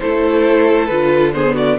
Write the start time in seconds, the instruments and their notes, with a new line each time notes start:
0.00 cello A3, viola E4, violin A4 C5
0.87 cello D3, viola F4, violin B4
1.34 viola B3, violin G#4 C5
1.55 violin F#4 D5